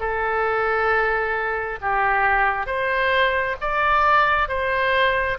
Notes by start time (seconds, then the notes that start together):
0.00 A4
1.81 G4
2.67 C5
3.61 D5
4.49 C5